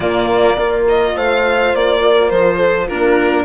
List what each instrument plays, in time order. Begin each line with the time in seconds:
0.00 bassoon A#2, cello A#3, horn F4, violin D5
0.56 bassoon A#3, cello F4, horn A#4
0.88 violin D#5
1.15 bassoon A3, horn C5, violin F5
1.75 bassoon A#3, violin D5
2.01 horn A#4
2.29 bassoon F3, violin C5
2.56 horn A4
2.87 cello D4, horn F4, violin A#4
2.93 bassoon A#3